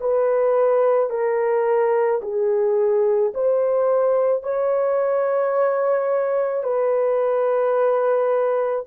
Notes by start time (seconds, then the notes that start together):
0.00 B4
1.10 A#4
2.22 G#4
3.34 C5
4.43 C#5
6.63 B4